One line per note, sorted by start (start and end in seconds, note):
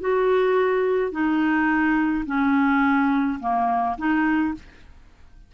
0.00 1.11 F#4
1.11 2.24 D#4
2.26 3.39 C#4
3.39 3.96 A#3
3.97 4.54 D#4